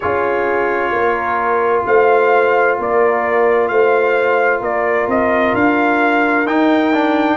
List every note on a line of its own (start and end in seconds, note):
0.00 0.91 C#4
0.00 6.47 F4
0.00 0.91 G#4
0.00 1.83 C#5
0.91 1.84 A#3
0.91 1.85 A#4
1.86 2.78 A3
1.86 2.79 C5
1.86 2.78 F5
2.79 3.69 A#3
2.79 3.71 A#4
2.79 3.67 D5
3.67 4.61 A3
3.67 4.59 C5
3.67 4.60 F5
4.59 5.07 A#3
4.59 7.36 A#4
4.59 5.08 D5
5.07 5.53 C4
5.07 5.55 D#5
5.54 6.45 D4
5.54 6.46 F5
6.45 7.36 D#4
6.45 6.93 D#4
6.45 7.36 G5
6.93 7.36 D4